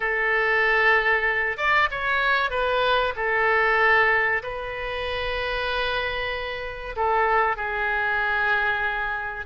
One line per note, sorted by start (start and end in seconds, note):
0.00 1.57 A4
1.57 1.88 D5
1.91 2.50 C#5
2.50 3.13 B4
3.16 4.42 A4
4.42 6.95 B4
6.96 7.56 A4
7.56 9.46 G#4